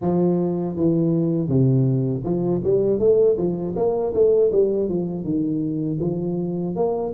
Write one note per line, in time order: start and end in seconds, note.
0.01 0.76 F3
0.76 1.48 E3
1.48 2.23 C3
2.24 2.61 F3
2.63 2.99 G3
2.99 3.36 A3
3.37 3.74 F3
3.76 4.13 A#3
4.14 4.51 A3
4.52 4.88 G3
4.88 5.23 F3
5.23 5.98 D#3
6.00 6.75 F3
6.75 7.13 A#3